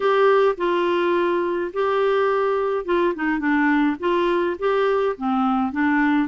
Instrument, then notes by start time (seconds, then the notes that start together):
clarinet
0.00 G4
0.57 F4
1.73 G4
2.85 F4
3.15 D#4
3.39 D4
3.99 F4
4.58 G4
5.17 C4
5.72 D4